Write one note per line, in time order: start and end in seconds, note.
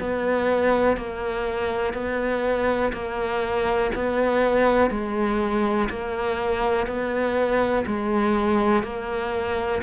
0.00 0.97 B3
0.97 1.94 A#3
1.94 2.92 B3
2.93 3.91 A#3
3.95 4.90 B3
4.90 5.89 G#3
5.89 6.87 A#3
6.87 7.85 B3
7.86 8.83 G#3
8.83 9.81 A#3